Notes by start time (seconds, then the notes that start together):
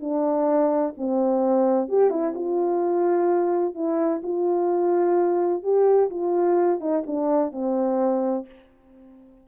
0.00 D4
0.97 C4
1.88 G4
2.10 E4
2.34 F4
3.74 E4
4.23 F4
5.63 G4
6.10 F4
6.80 D#4
7.06 D4
7.51 C4